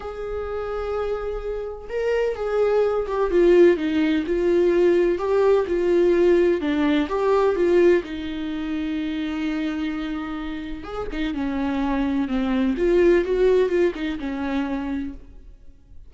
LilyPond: \new Staff \with { instrumentName = "viola" } { \time 4/4 \tempo 4 = 127 gis'1 | ais'4 gis'4. g'8 f'4 | dis'4 f'2 g'4 | f'2 d'4 g'4 |
f'4 dis'2.~ | dis'2. gis'8 dis'8 | cis'2 c'4 f'4 | fis'4 f'8 dis'8 cis'2 | }